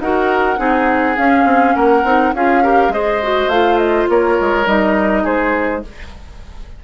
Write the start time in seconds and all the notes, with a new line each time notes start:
0.00 D#4 F#4 A#4 F#5
0.57 C4 D#4 G#4
1.18 C#4 F5
1.45 C4
1.75 A#3 A#4 F#5
2.04 C4 D#4
2.34 C#4 F4 G#4 F5
2.63 G4 A#4
2.89 G#3 G#4 C5 D#5
3.23 F#4
3.48 A3 F4 F5
3.78 D#5
4.09 A#3 A#4 C#5
4.41 G#3
4.66 G3 D#4 D#5
5.24 G#3 G#4 C5